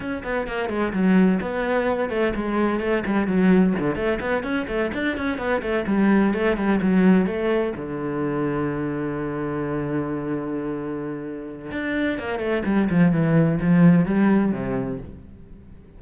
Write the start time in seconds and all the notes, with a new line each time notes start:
0.00 C#4
0.23 B3
0.47 A#3
0.69 G#3
0.93 F#3
1.41 B3
2.09 A3
2.35 G#3
2.80 A3
3.06 G3
3.26 F#3
3.79 D3
3.95 A3
4.20 B3
4.43 C#4
4.67 A3
4.93 D4
5.17 C#4
5.38 B3
5.61 A3
5.86 G3
6.33 A3
6.56 G3
6.81 F#3
7.26 A3
7.76 D3
11.71 D4
12.19 A#3
12.39 A3
12.65 G3
12.89 F3
13.11 E3
13.60 F3
14.05 G3
14.52 C3